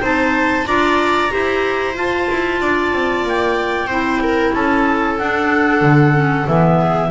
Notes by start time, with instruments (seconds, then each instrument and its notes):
0.00 double bass C4, clarinet D#4 A5, viola C5
0.66 double bass D4, clarinet F4 A#5, viola D5
1.30 double bass E4, clarinet G4, viola C5
1.94 clarinet F4 A5, double bass F4
2.30 double bass E4
2.61 double bass D4, viola D5
2.93 double bass C4
3.23 double bass A#3, clarinet G5
3.86 double bass C4, clarinet E4, viola C5
4.23 viola A#4
4.54 double bass C#4, viola A4, clarinet A5
5.18 clarinet D4 F#5, double bass D4
5.81 double bass D3
6.13 clarinet C#4
6.47 double bass E3, clarinet B3 E5
6.79 viola G#4